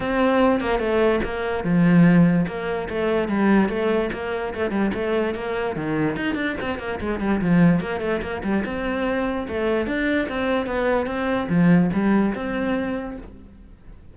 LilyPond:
\new Staff \with { instrumentName = "cello" } { \time 4/4 \tempo 4 = 146 c'4. ais8 a4 ais4 | f2 ais4 a4 | g4 a4 ais4 a8 g8 | a4 ais4 dis4 dis'8 d'8 |
c'8 ais8 gis8 g8 f4 ais8 a8 | ais8 g8 c'2 a4 | d'4 c'4 b4 c'4 | f4 g4 c'2 | }